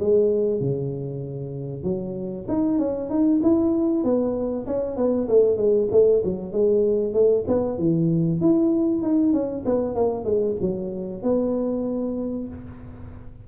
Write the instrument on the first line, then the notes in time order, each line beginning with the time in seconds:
tuba
0.00 G#3
0.60 C#3
1.84 F#3
2.48 D#4
2.79 C#4
3.10 D#4
3.43 E4
4.04 B3
4.67 C#4
4.97 B3
5.28 A3
5.57 G#3
5.91 A3
6.24 F#3
6.52 G#3
7.13 A3
7.47 B3
7.78 E3
8.41 E4
9.02 D#4
9.33 C#4
9.66 B3
9.95 A#3
10.25 G#3
10.61 F#3
11.23 B3